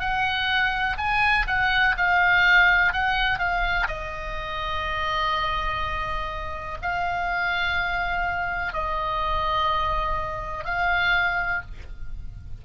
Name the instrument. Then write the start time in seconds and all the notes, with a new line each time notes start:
oboe
0.00 F#5
0.98 G#5
1.47 F#5
1.97 F5
2.93 F#5
3.39 F5
3.88 D#5
6.82 F5
8.73 D#5
10.65 F5